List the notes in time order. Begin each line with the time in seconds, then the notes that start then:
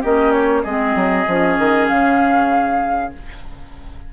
0.00 A#3 C#4 G4 D#5
0.31 C#5
0.63 G#3 C4 G#4 D#5
0.95 F#3
1.27 F3 C#4
1.58 D#3
1.88 C#3 F5